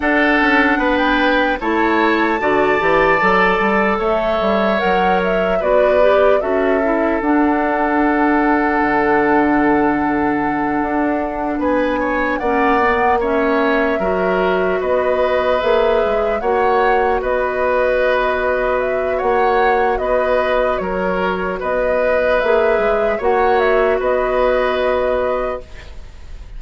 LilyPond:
<<
  \new Staff \with { instrumentName = "flute" } { \time 4/4 \tempo 4 = 75 fis''4~ fis''16 g''8. a''2~ | a''4 e''4 fis''8 e''8 d''4 | e''4 fis''2.~ | fis''2~ fis''8 gis''4 fis''8~ |
fis''8 e''2 dis''4 e''8~ | e''8 fis''4 dis''2 e''8 | fis''4 dis''4 cis''4 dis''4 | e''4 fis''8 e''8 dis''2 | }
  \new Staff \with { instrumentName = "oboe" } { \time 4/4 a'4 b'4 cis''4 d''4~ | d''4 cis''2 b'4 | a'1~ | a'2~ a'8 b'8 cis''8 d''8~ |
d''8 cis''4 ais'4 b'4.~ | b'8 cis''4 b'2~ b'8 | cis''4 b'4 ais'4 b'4~ | b'4 cis''4 b'2 | }
  \new Staff \with { instrumentName = "clarinet" } { \time 4/4 d'2 e'4 fis'8 g'8 | a'2 ais'4 fis'8 g'8 | fis'8 e'8 d'2.~ | d'2.~ d'8 cis'8 |
b8 cis'4 fis'2 gis'8~ | gis'8 fis'2.~ fis'8~ | fis'1 | gis'4 fis'2. | }
  \new Staff \with { instrumentName = "bassoon" } { \time 4/4 d'8 cis'8 b4 a4 d8 e8 | fis8 g8 a8 g8 fis4 b4 | cis'4 d'2 d4~ | d4. d'4 b4 ais8~ |
ais4. fis4 b4 ais8 | gis8 ais4 b2~ b8 | ais4 b4 fis4 b4 | ais8 gis8 ais4 b2 | }
>>